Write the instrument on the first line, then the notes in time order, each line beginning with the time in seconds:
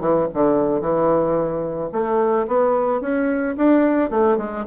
bassoon
0.00 E3
0.34 D3
0.81 E3
1.92 A3
2.47 B3
3.01 C#4
3.57 D4
4.10 A3
4.37 G#3